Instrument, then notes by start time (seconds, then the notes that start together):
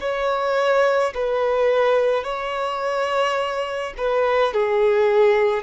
violin
0.00 C#5
1.14 B4
2.24 C#5
3.98 B4
4.53 G#4